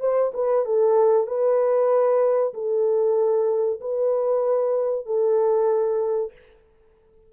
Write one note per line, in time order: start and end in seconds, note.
0.00 0.32 C5
0.34 0.65 B4
0.65 1.27 A4
1.27 2.53 B4
2.53 3.80 A4
3.80 5.06 B4
5.06 6.32 A4